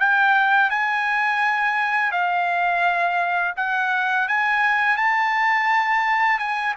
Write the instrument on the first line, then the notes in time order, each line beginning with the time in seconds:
trumpet
0.00 G5
0.70 G#5
2.12 F5
3.57 F#5
4.28 G#5
4.97 A5
6.39 G#5